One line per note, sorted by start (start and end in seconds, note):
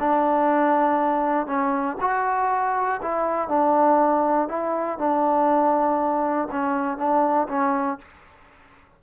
0.00 1.47 D4
1.47 1.97 C#4
2.01 3.01 F#4
3.03 3.49 E4
3.49 4.49 D4
4.49 4.99 E4
4.99 6.49 D4
6.52 6.98 C#4
6.98 7.48 D4
7.49 7.99 C#4